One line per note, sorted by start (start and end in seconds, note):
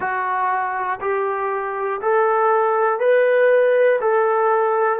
0.00 1.00 F#4
1.00 2.00 G4
2.00 2.99 A4
2.99 3.99 B4
4.00 4.99 A4